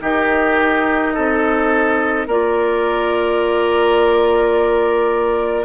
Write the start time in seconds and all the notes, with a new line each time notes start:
0.00 D#3 D#4 G4 D#5
1.14 C4 A4
2.27 A#3 F4 A#4 D5